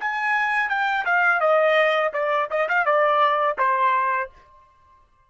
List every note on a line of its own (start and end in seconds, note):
0.00 0.69 G#5
0.69 1.05 G5
1.05 1.40 F5
1.40 2.12 D#5
2.13 2.49 D5
2.50 2.68 D#5
2.69 2.85 F5
2.85 3.57 D5
3.58 4.30 C5